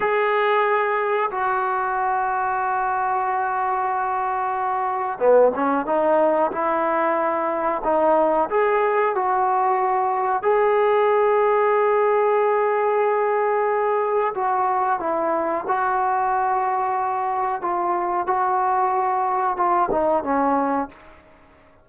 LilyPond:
\new Staff \with { instrumentName = "trombone" } { \time 4/4 \tempo 4 = 92 gis'2 fis'2~ | fis'1 | b8 cis'8 dis'4 e'2 | dis'4 gis'4 fis'2 |
gis'1~ | gis'2 fis'4 e'4 | fis'2. f'4 | fis'2 f'8 dis'8 cis'4 | }